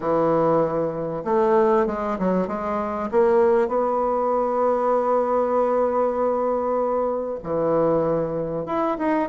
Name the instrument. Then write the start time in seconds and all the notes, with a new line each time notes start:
bassoon
0.00 E3
1.24 A3
1.86 G#3
2.18 F#3
2.47 G#3
3.11 A#3
3.68 B3
7.43 E3
8.66 E4
8.98 D#4